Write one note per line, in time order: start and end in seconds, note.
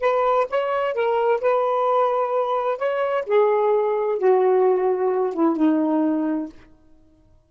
0.00 0.46 B4
0.50 0.94 C#5
0.94 1.40 A#4
1.40 2.78 B4
2.78 3.24 C#5
3.26 4.18 G#4
4.18 5.33 F#4
5.33 5.56 E4
5.56 6.48 D#4